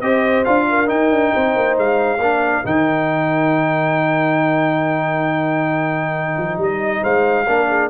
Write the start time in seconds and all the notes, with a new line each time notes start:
0.00 C4 G4 C5 D#5
0.44 D4 F4 F5
0.69 A#4
0.86 D#4 G5
1.10 D4
1.33 C4 C5
1.55 A#3
1.77 G#3 F5
2.18 A#3 D4 A#4
2.64 D#3 D#4 G5
6.37 F3
6.57 G3 D#5
7.01 G#3 C5 F5
7.46 A#3 D4 A#4
7.68 G#4